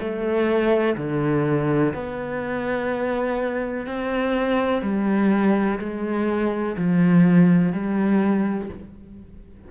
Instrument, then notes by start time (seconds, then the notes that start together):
cello
0.00 A3
0.97 D3
1.94 B3
3.87 C4
4.83 G3
5.80 G#3
6.78 F3
7.73 G3